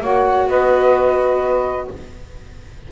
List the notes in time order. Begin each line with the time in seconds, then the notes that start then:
0.00 A#3 F#4 C#5 F#5
0.47 B3 B4 D#5